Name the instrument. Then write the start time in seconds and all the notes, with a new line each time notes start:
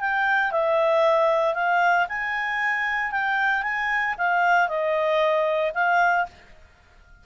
clarinet
0.00 G5
0.51 E5
1.54 F5
2.08 G#5
3.11 G5
3.62 G#5
4.18 F5
4.68 D#5
5.74 F5